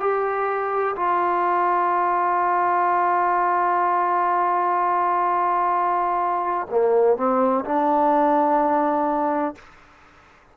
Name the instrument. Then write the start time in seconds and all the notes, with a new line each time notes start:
trombone
0.00 G4
0.96 F4
6.70 A#3
7.16 C4
7.65 D4